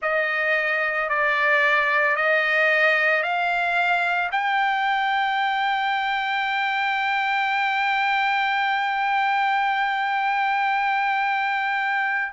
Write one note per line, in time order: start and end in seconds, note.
0.01 1.09 D#5
1.09 2.16 D5
2.16 3.22 D#5
3.22 4.30 F5
4.31 12.32 G5